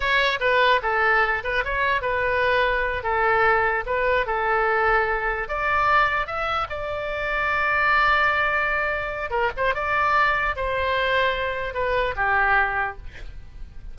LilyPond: \new Staff \with { instrumentName = "oboe" } { \time 4/4 \tempo 4 = 148 cis''4 b'4 a'4. b'8 | cis''4 b'2~ b'8 a'8~ | a'4. b'4 a'4.~ | a'4. d''2 e''8~ |
e''8 d''2.~ d''8~ | d''2. ais'8 c''8 | d''2 c''2~ | c''4 b'4 g'2 | }